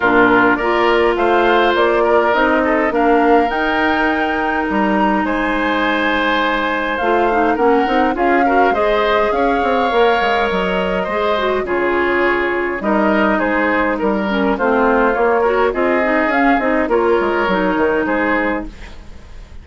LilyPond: <<
  \new Staff \with { instrumentName = "flute" } { \time 4/4 \tempo 4 = 103 ais'4 d''4 f''4 d''4 | dis''4 f''4 g''2 | ais''4 gis''2. | f''4 fis''4 f''4 dis''4 |
f''2 dis''2 | cis''2 dis''4 c''4 | ais'4 c''4 cis''4 dis''4 | f''8 dis''8 cis''2 c''4 | }
  \new Staff \with { instrumentName = "oboe" } { \time 4/4 f'4 ais'4 c''4. ais'8~ | ais'8 a'8 ais'2.~ | ais'4 c''2.~ | c''4 ais'4 gis'8 ais'8 c''4 |
cis''2. c''4 | gis'2 ais'4 gis'4 | ais'4 f'4. ais'8 gis'4~ | gis'4 ais'2 gis'4 | }
  \new Staff \with { instrumentName = "clarinet" } { \time 4/4 d'4 f'2. | dis'4 d'4 dis'2~ | dis'1 | f'8 dis'8 cis'8 dis'8 f'8 fis'8 gis'4~ |
gis'4 ais'2 gis'8 fis'8 | f'2 dis'2~ | dis'8 cis'8 c'4 ais8 fis'8 f'8 dis'8 | cis'8 dis'8 f'4 dis'2 | }
  \new Staff \with { instrumentName = "bassoon" } { \time 4/4 ais,4 ais4 a4 ais4 | c'4 ais4 dis'2 | g4 gis2. | a4 ais8 c'8 cis'4 gis4 |
cis'8 c'8 ais8 gis8 fis4 gis4 | cis2 g4 gis4 | g4 a4 ais4 c'4 | cis'8 c'8 ais8 gis8 fis8 dis8 gis4 | }
>>